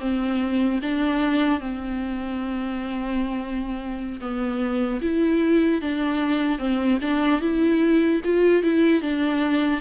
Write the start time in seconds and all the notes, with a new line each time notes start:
0.00 C4
0.83 D4
1.60 C4
4.20 B3
5.01 E4
5.81 D4
6.59 C4
7.01 D4
7.41 E4
8.24 F4
8.63 E4
9.02 D4